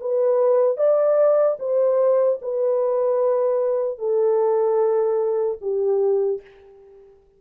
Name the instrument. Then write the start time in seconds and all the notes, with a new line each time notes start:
horn
0.00 B4
0.77 D5
1.59 C5
2.41 B4
3.98 A4
5.61 G4